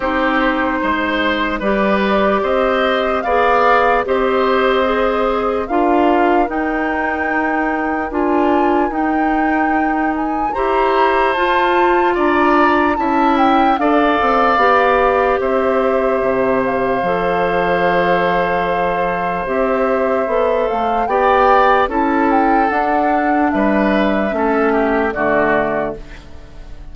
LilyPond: <<
  \new Staff \with { instrumentName = "flute" } { \time 4/4 \tempo 4 = 74 c''2 d''4 dis''4 | f''4 dis''2 f''4 | g''2 gis''4 g''4~ | g''8 gis''8 ais''4 a''4 ais''4 |
a''8 g''8 f''2 e''4~ | e''8 f''2.~ f''8 | e''4. f''8 g''4 a''8 g''8 | fis''4 e''2 d''4 | }
  \new Staff \with { instrumentName = "oboe" } { \time 4/4 g'4 c''4 b'4 c''4 | d''4 c''2 ais'4~ | ais'1~ | ais'4 c''2 d''4 |
e''4 d''2 c''4~ | c''1~ | c''2 d''4 a'4~ | a'4 b'4 a'8 g'8 fis'4 | }
  \new Staff \with { instrumentName = "clarinet" } { \time 4/4 dis'2 g'2 | gis'4 g'4 gis'4 f'4 | dis'2 f'4 dis'4~ | dis'4 g'4 f'2 |
e'4 a'4 g'2~ | g'4 a'2. | g'4 a'4 g'4 e'4 | d'2 cis'4 a4 | }
  \new Staff \with { instrumentName = "bassoon" } { \time 4/4 c'4 gis4 g4 c'4 | b4 c'2 d'4 | dis'2 d'4 dis'4~ | dis'4 e'4 f'4 d'4 |
cis'4 d'8 c'8 b4 c'4 | c4 f2. | c'4 b8 a8 b4 cis'4 | d'4 g4 a4 d4 | }
>>